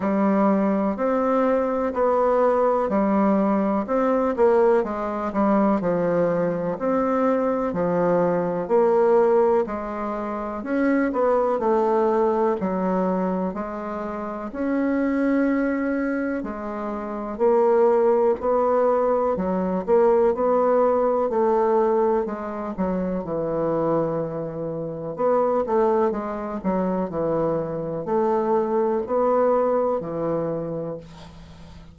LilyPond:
\new Staff \with { instrumentName = "bassoon" } { \time 4/4 \tempo 4 = 62 g4 c'4 b4 g4 | c'8 ais8 gis8 g8 f4 c'4 | f4 ais4 gis4 cis'8 b8 | a4 fis4 gis4 cis'4~ |
cis'4 gis4 ais4 b4 | fis8 ais8 b4 a4 gis8 fis8 | e2 b8 a8 gis8 fis8 | e4 a4 b4 e4 | }